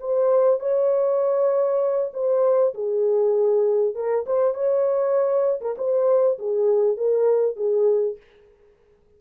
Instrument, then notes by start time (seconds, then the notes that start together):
horn
0.00 C5
0.60 C#5
2.13 C5
2.75 G#4
3.95 A#4
4.26 C5
4.55 C#5
5.61 A#4
5.78 C5
6.39 G#4
6.97 A#4
7.56 G#4